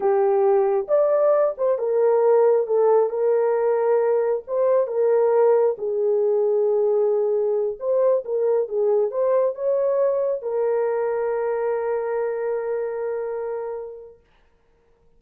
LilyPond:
\new Staff \with { instrumentName = "horn" } { \time 4/4 \tempo 4 = 135 g'2 d''4. c''8 | ais'2 a'4 ais'4~ | ais'2 c''4 ais'4~ | ais'4 gis'2.~ |
gis'4. c''4 ais'4 gis'8~ | gis'8 c''4 cis''2 ais'8~ | ais'1~ | ais'1 | }